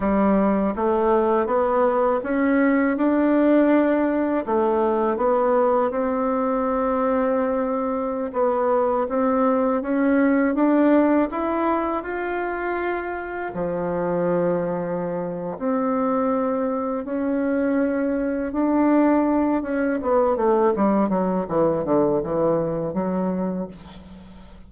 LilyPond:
\new Staff \with { instrumentName = "bassoon" } { \time 4/4 \tempo 4 = 81 g4 a4 b4 cis'4 | d'2 a4 b4 | c'2.~ c'16 b8.~ | b16 c'4 cis'4 d'4 e'8.~ |
e'16 f'2 f4.~ f16~ | f4 c'2 cis'4~ | cis'4 d'4. cis'8 b8 a8 | g8 fis8 e8 d8 e4 fis4 | }